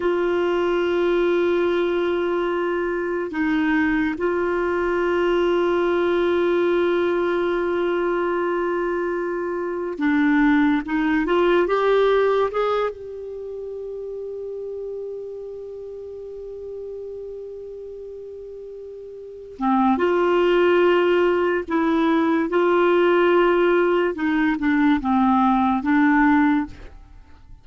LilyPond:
\new Staff \with { instrumentName = "clarinet" } { \time 4/4 \tempo 4 = 72 f'1 | dis'4 f'2.~ | f'1 | d'4 dis'8 f'8 g'4 gis'8 g'8~ |
g'1~ | g'2.~ g'8 c'8 | f'2 e'4 f'4~ | f'4 dis'8 d'8 c'4 d'4 | }